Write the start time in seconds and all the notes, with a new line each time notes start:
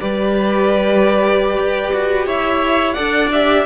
0.00 G3 G4 B4 D5
1.57 G4
1.92 F#4
2.26 E4 C#5 E5
2.93 D4 A4 D5 F#5
3.32 G4 E5